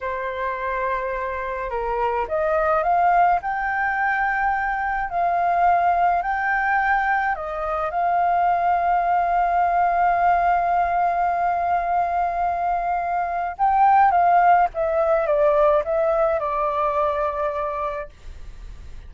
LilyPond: \new Staff \with { instrumentName = "flute" } { \time 4/4 \tempo 4 = 106 c''2. ais'4 | dis''4 f''4 g''2~ | g''4 f''2 g''4~ | g''4 dis''4 f''2~ |
f''1~ | f''1 | g''4 f''4 e''4 d''4 | e''4 d''2. | }